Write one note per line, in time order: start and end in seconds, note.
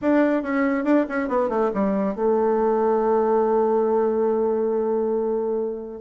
0.01 0.42 D4
0.42 0.84 C#4
0.84 1.05 D4
1.08 1.28 C#4
1.28 1.49 B3
1.49 1.70 A3
1.74 2.15 G3
2.15 6.01 A3